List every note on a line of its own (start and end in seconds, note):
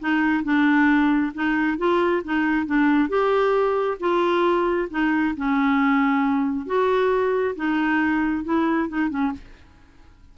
0.00 0.44 D#4
0.44 1.33 D4
1.35 1.78 D#4
1.78 2.23 F4
2.25 2.66 D#4
2.66 3.09 D4
3.09 3.98 G4
4.00 4.89 F4
4.91 5.35 D#4
5.37 6.67 C#4
6.67 7.56 F#4
7.56 8.44 D#4
8.44 8.89 E4
8.89 9.10 D#4
9.10 9.32 C#4